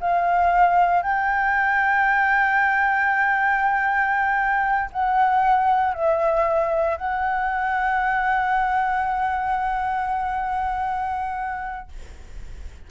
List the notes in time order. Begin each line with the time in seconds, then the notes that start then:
0.00 F5
1.02 G5
4.92 F#5
5.94 E5
6.97 F#5